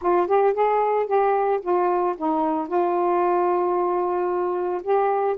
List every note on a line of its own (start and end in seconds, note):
0.01 0.27 F4
0.27 0.53 G4
0.53 1.06 G#4
1.06 1.60 G4
1.62 2.15 F4
2.17 2.67 D#4
2.67 4.81 F4
4.82 5.36 G4